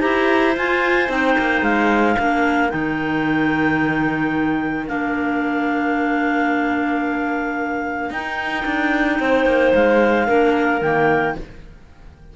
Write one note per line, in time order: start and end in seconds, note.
0.00 0.57 E4
0.00 0.55 G4
0.00 2.16 C5
0.00 0.55 A#5
0.57 1.09 F4
0.57 1.08 F4
0.57 1.11 G#5
1.08 1.36 C4
1.08 2.16 D#4
1.08 1.63 G5
1.38 1.62 A#3
1.62 2.16 G#3
1.62 2.70 F5
2.16 2.73 A#3
2.16 2.70 D4
2.16 9.18 A#4
2.70 4.90 D#3
2.70 4.86 D#4
2.70 4.86 G5
4.87 8.10 A#3
4.87 8.12 D4
4.87 8.12 F5
8.10 8.65 D#4
8.10 10.27 D#4
8.10 9.74 G5
8.66 9.20 D4
9.20 9.46 C4
9.20 10.27 C5
9.46 9.73 A#3
9.74 10.29 G#3
9.74 10.82 F5
10.27 10.82 A#3
10.27 10.81 D4
10.27 11.36 A#4
10.82 11.36 D#3
10.82 11.36 A#3
10.82 11.36 G5